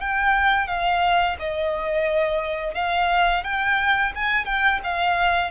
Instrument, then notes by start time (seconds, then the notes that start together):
violin
0.00 G5
0.67 F5
1.39 D#5
2.74 F5
3.43 G5
4.15 G#5
4.45 G5
4.83 F5